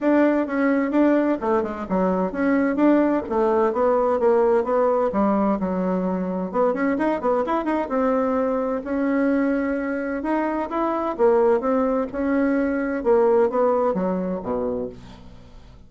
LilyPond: \new Staff \with { instrumentName = "bassoon" } { \time 4/4 \tempo 4 = 129 d'4 cis'4 d'4 a8 gis8 | fis4 cis'4 d'4 a4 | b4 ais4 b4 g4 | fis2 b8 cis'8 dis'8 b8 |
e'8 dis'8 c'2 cis'4~ | cis'2 dis'4 e'4 | ais4 c'4 cis'2 | ais4 b4 fis4 b,4 | }